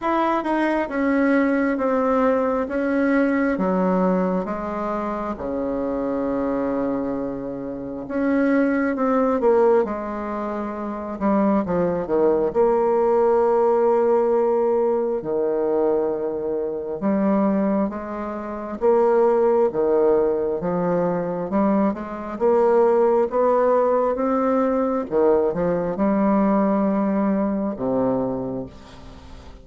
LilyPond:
\new Staff \with { instrumentName = "bassoon" } { \time 4/4 \tempo 4 = 67 e'8 dis'8 cis'4 c'4 cis'4 | fis4 gis4 cis2~ | cis4 cis'4 c'8 ais8 gis4~ | gis8 g8 f8 dis8 ais2~ |
ais4 dis2 g4 | gis4 ais4 dis4 f4 | g8 gis8 ais4 b4 c'4 | dis8 f8 g2 c4 | }